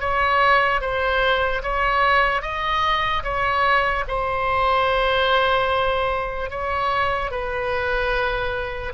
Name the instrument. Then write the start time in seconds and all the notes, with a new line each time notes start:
oboe
0.00 C#5
0.81 C5
1.62 C#5
2.41 D#5
3.23 C#5
4.08 C5
6.50 C#5
7.30 B4